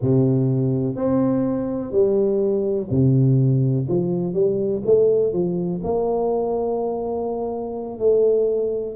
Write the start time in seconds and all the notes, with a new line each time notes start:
0.01 C3
0.95 C4
1.91 G3
2.90 C3
3.88 F3
4.33 G3
4.85 A3
5.32 F3
5.83 A#3
7.98 A3